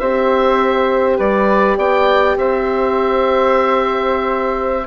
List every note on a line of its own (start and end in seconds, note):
0.00 1.19 C4
0.00 4.87 G4
0.00 1.18 C5
0.00 1.18 E5
1.18 1.77 G3
1.18 1.76 B4
1.18 1.78 D5
1.77 2.36 B3
1.77 2.36 D5
1.77 2.38 G5
2.37 4.87 C4
2.37 4.87 C5
2.37 4.87 E5